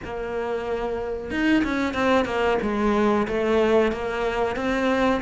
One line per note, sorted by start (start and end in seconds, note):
0.04 1.30 A#3
1.30 1.63 D#4
1.64 1.94 C#4
1.94 2.25 C4
2.25 2.58 A#3
2.61 3.27 G#3
3.27 3.91 A3
3.91 4.55 A#3
4.55 5.21 C4